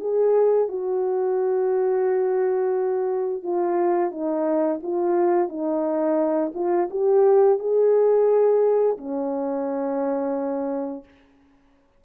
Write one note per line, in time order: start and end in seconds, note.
0.00 0.69 G#4
0.69 3.43 F#4
3.43 4.11 F4
4.11 4.80 D#4
4.83 5.49 F4
5.49 6.52 D#4
6.55 6.89 F4
6.91 7.59 G4
7.59 8.97 G#4
8.98 11.05 C#4